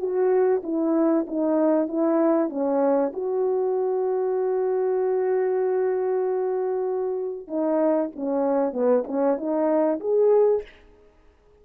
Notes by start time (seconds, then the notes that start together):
0.00 F#4
0.64 E4
1.28 D#4
1.89 E4
2.50 C#4
3.14 F#4
7.48 D#4
8.16 C#4
8.73 B3
9.07 C#4
9.38 D#4
10.00 G#4